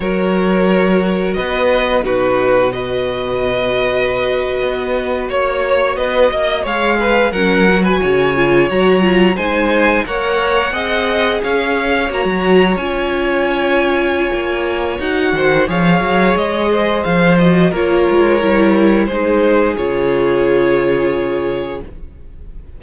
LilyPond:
<<
  \new Staff \with { instrumentName = "violin" } { \time 4/4 \tempo 4 = 88 cis''2 dis''4 b'4 | dis''2.~ dis''8. cis''16~ | cis''8. dis''4 f''4 fis''8. gis''8~ | gis''8. ais''4 gis''4 fis''4~ fis''16~ |
fis''8. f''4 ais''4 gis''4~ gis''16~ | gis''2 fis''4 f''4 | dis''4 f''8 dis''8 cis''2 | c''4 cis''2. | }
  \new Staff \with { instrumentName = "violin" } { \time 4/4 ais'2 b'4 fis'4 | b'2.~ b'8. cis''16~ | cis''8. b'8 dis''8 cis''8 b'8 ais'8. b'16 cis''16~ | cis''4.~ cis''16 c''4 cis''4 dis''16~ |
dis''8. cis''2.~ cis''16~ | cis''2~ cis''8 c''8 cis''4~ | cis''8 c''4. ais'2 | gis'1 | }
  \new Staff \with { instrumentName = "viola" } { \time 4/4 fis'2. dis'4 | fis'1~ | fis'4.~ fis'16 gis'4 cis'8 fis'8.~ | fis'16 f'8 fis'8 f'8 dis'4 ais'4 gis'16~ |
gis'4.~ gis'16 fis'4 f'4~ f'16~ | f'2 fis'4 gis'4~ | gis'4. fis'8 f'4 e'4 | dis'4 f'2. | }
  \new Staff \with { instrumentName = "cello" } { \time 4/4 fis2 b4 b,4~ | b,2~ b,8. b4 ais16~ | ais8. b8 ais8 gis4 fis4 cis16~ | cis8. fis4 gis4 ais4 c'16~ |
c'8. cis'4 ais16 fis8. cis'4~ cis'16~ | cis'4 ais4 dis'8 dis8 f8 fis8 | gis4 f4 ais8 gis8 g4 | gis4 cis2. | }
>>